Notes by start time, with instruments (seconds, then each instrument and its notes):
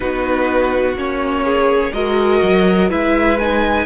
0.00 cello B3, viola D#4, violin F#4 B4
0.95 cello A#3, viola C#4, violin C#5
1.43 violin G#4
1.92 cello G#3, viola F#4, violin A#4 D#5
2.42 cello F#3
2.89 cello G#3, viola E4, violin B4 E5
3.38 viola D#4, violin G#5